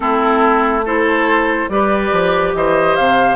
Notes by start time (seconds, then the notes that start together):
0.00 A3 C4 E4 A4
0.85 E4 A4 C5
1.68 G3 G4 B4 D5
2.11 F3
2.54 E3 C5 D#5
2.95 C3 F5